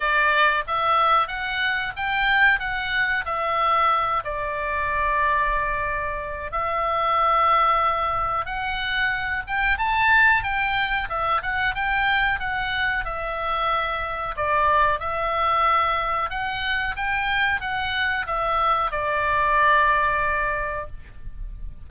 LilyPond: \new Staff \with { instrumentName = "oboe" } { \time 4/4 \tempo 4 = 92 d''4 e''4 fis''4 g''4 | fis''4 e''4. d''4.~ | d''2 e''2~ | e''4 fis''4. g''8 a''4 |
g''4 e''8 fis''8 g''4 fis''4 | e''2 d''4 e''4~ | e''4 fis''4 g''4 fis''4 | e''4 d''2. | }